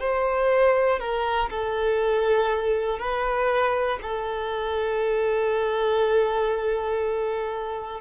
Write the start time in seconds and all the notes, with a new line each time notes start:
0.00 C5
1.00 A#4
1.50 A4
2.99 B4
4.02 A4